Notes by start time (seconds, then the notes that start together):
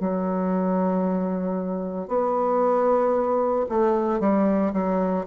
0.00 F#3
2.08 B3
3.69 A3
4.20 G3
4.73 F#3